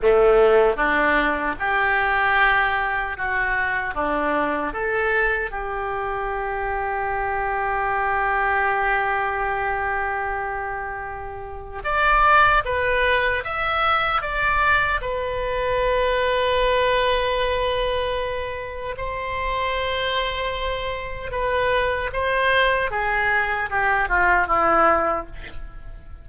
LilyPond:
\new Staff \with { instrumentName = "oboe" } { \time 4/4 \tempo 4 = 76 a4 d'4 g'2 | fis'4 d'4 a'4 g'4~ | g'1~ | g'2. d''4 |
b'4 e''4 d''4 b'4~ | b'1 | c''2. b'4 | c''4 gis'4 g'8 f'8 e'4 | }